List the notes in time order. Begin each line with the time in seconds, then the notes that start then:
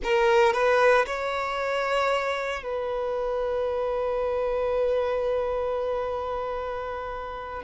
0.02 A#4
0.53 B4
1.06 C#5
2.63 B4